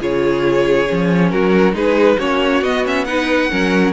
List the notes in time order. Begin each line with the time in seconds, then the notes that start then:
0.00 C#3 F4 G#4 C#5
0.87 F3 C#4
1.31 F#3 F#4 A#4
1.74 G#3 D#4 G#4 B4
2.19 A#3 C#4 F#4 C#5
2.62 B3 D#5
2.85 C#4 E5
3.05 D#4 B4 F#5
3.50 F#3 C#4 A#4